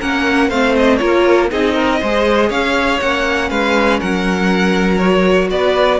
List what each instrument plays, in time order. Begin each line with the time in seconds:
0.00 cello A#3, viola C#4, violin A#4 F#5
0.49 cello A3, viola C4, violin C5 F5
0.77 violin D#5
0.97 cello A#3, viola F4, violin A#4 C#5
1.51 cello C4, viola D#4, violin G#4 D#5
1.75 violin A#4
2.01 cello G#3, viola G#4, violin C5
2.49 cello C#4, violin C#5 F5
3.00 cello A#3, viola C#4, violin F#5
3.50 cello G#3, violin B4 F5
4.00 cello F#3, violin A#4 F#5
4.98 viola F#4, violin C#5
5.51 cello B3, violin B4 D5